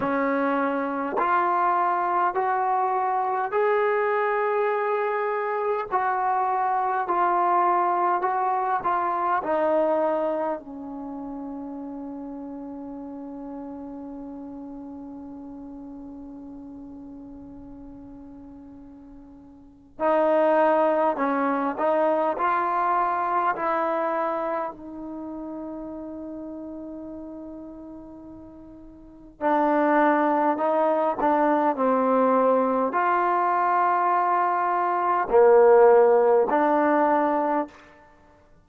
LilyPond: \new Staff \with { instrumentName = "trombone" } { \time 4/4 \tempo 4 = 51 cis'4 f'4 fis'4 gis'4~ | gis'4 fis'4 f'4 fis'8 f'8 | dis'4 cis'2.~ | cis'1~ |
cis'4 dis'4 cis'8 dis'8 f'4 | e'4 dis'2.~ | dis'4 d'4 dis'8 d'8 c'4 | f'2 ais4 d'4 | }